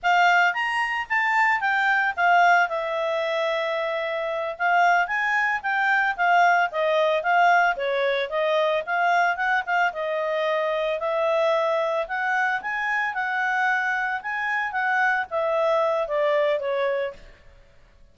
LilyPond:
\new Staff \with { instrumentName = "clarinet" } { \time 4/4 \tempo 4 = 112 f''4 ais''4 a''4 g''4 | f''4 e''2.~ | e''8 f''4 gis''4 g''4 f''8~ | f''8 dis''4 f''4 cis''4 dis''8~ |
dis''8 f''4 fis''8 f''8 dis''4.~ | dis''8 e''2 fis''4 gis''8~ | gis''8 fis''2 gis''4 fis''8~ | fis''8 e''4. d''4 cis''4 | }